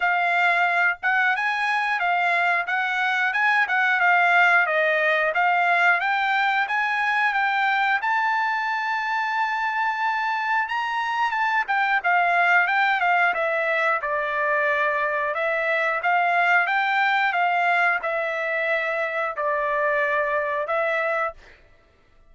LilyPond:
\new Staff \with { instrumentName = "trumpet" } { \time 4/4 \tempo 4 = 90 f''4. fis''8 gis''4 f''4 | fis''4 gis''8 fis''8 f''4 dis''4 | f''4 g''4 gis''4 g''4 | a''1 |
ais''4 a''8 g''8 f''4 g''8 f''8 | e''4 d''2 e''4 | f''4 g''4 f''4 e''4~ | e''4 d''2 e''4 | }